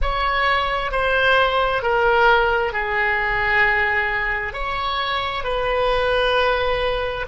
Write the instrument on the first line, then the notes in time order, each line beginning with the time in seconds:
oboe
0.01 C#5
0.91 C5
1.82 A#4
2.73 G#4
4.53 C#5
5.44 B4